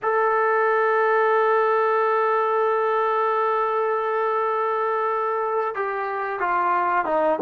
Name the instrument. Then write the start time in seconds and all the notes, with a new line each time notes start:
trombone
0.02 A4
5.74 G4
6.39 F4
7.05 D#4